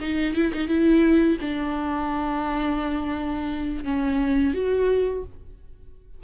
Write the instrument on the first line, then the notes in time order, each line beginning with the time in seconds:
viola
0.00 D#4
0.35 E4
0.53 D#4
0.67 E4
1.41 D4
3.84 C#4
4.53 F#4